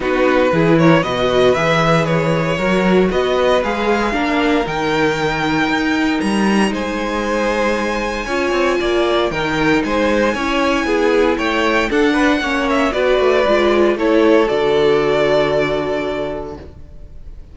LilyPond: <<
  \new Staff \with { instrumentName = "violin" } { \time 4/4 \tempo 4 = 116 b'4. cis''8 dis''4 e''4 | cis''2 dis''4 f''4~ | f''4 g''2. | ais''4 gis''2.~ |
gis''2 g''4 gis''4~ | gis''2 g''4 fis''4~ | fis''8 e''8 d''2 cis''4 | d''1 | }
  \new Staff \with { instrumentName = "violin" } { \time 4/4 fis'4 gis'8 ais'8 b'2~ | b'4 ais'4 b'2 | ais'1~ | ais'4 c''2. |
cis''4 d''4 ais'4 c''4 | cis''4 gis'4 cis''4 a'8 b'8 | cis''4 b'2 a'4~ | a'1 | }
  \new Staff \with { instrumentName = "viola" } { \time 4/4 dis'4 e'4 fis'4 gis'4~ | gis'4 fis'2 gis'4 | d'4 dis'2.~ | dis'1 |
f'2 dis'2 | e'2. d'4 | cis'4 fis'4 f'4 e'4 | fis'1 | }
  \new Staff \with { instrumentName = "cello" } { \time 4/4 b4 e4 b,4 e4~ | e4 fis4 b4 gis4 | ais4 dis2 dis'4 | g4 gis2. |
cis'8 c'8 ais4 dis4 gis4 | cis'4 b4 a4 d'4 | ais4 b8 a8 gis4 a4 | d1 | }
>>